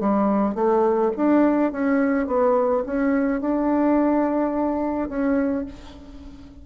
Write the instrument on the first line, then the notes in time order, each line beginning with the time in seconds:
bassoon
0.00 G3
0.55 A3
1.16 D4
1.72 C#4
2.27 B3
2.86 C#4
3.41 D4
5.09 C#4